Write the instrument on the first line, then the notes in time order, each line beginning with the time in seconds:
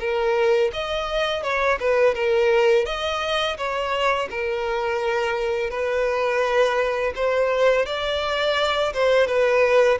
violin
0.00 A#4
0.73 D#5
1.43 C#5
1.80 B4
2.15 A#4
2.86 D#5
3.57 C#5
4.30 A#4
5.70 B4
7.16 C5
7.86 D5
8.94 C5
9.27 B4